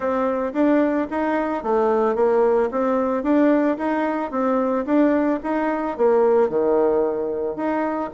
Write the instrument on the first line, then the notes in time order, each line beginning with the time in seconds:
bassoon
0.00 C4
0.53 D4
1.10 D#4
1.63 A3
2.15 A#3
2.71 C4
3.23 D4
3.77 D#4
4.31 C4
4.85 D4
5.43 D#4
5.97 A#3
6.49 D#3
7.55 D#4